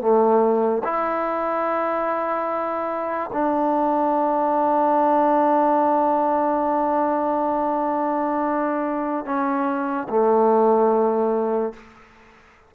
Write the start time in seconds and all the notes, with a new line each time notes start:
0.00 A3
0.84 E4
3.33 D4
9.25 C#4
10.09 A3